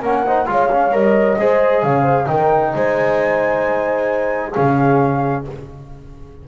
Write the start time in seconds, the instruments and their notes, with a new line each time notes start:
0.00 double bass A#3, trombone C#4, horn A#4, flute F#5
0.26 trombone D#4, horn C5
0.46 double bass G#3, trombone F4, horn C#5, flute F5
0.71 trombone C#4
0.91 double bass G3, trombone A#4, flute D#5
1.38 double bass G#3, trombone G#4, horn C5
1.83 double bass C#3, horn C#5, flute F5
2.02 horn C5
2.26 double bass D#3, trombone D#4, horn A#4, flute G5
2.73 double bass G#3, horn C5, flute G#5
4.52 double bass C#3, trombone C#4, horn G#4, flute F5